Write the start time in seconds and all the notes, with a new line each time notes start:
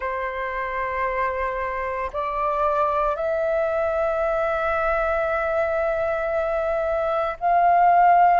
0.00 C5
2.12 D5
3.15 E5
7.40 F5